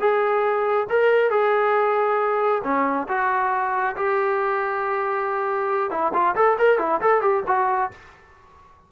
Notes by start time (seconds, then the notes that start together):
0.00 G#4
0.90 A#4
1.31 G#4
2.64 C#4
3.09 F#4
3.97 G4
5.91 E4
6.14 F4
6.35 A4
6.59 A#4
6.79 E4
7.01 A4
7.22 G4
7.47 F#4